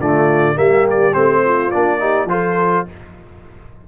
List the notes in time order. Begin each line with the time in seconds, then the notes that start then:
0.00 D3 A3 F4 D5
0.55 G3 A#3 G4 E5
0.91 D5
1.14 A3 C4 C5
1.44 F4
1.71 A#3 D4 D5
1.99 D#4 G4
2.25 F3 F4 A4 C5